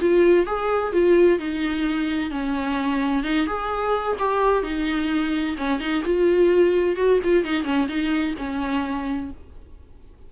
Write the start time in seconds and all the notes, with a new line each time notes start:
0.00 F4
0.46 G#4
0.92 F4
1.38 D#4
2.30 C#4
3.23 D#4
3.46 G#4
4.19 G4
4.63 D#4
5.57 C#4
5.79 D#4
6.04 F4
6.96 F#4
7.23 F4
7.44 D#4
7.64 C#4
7.88 D#4
8.37 C#4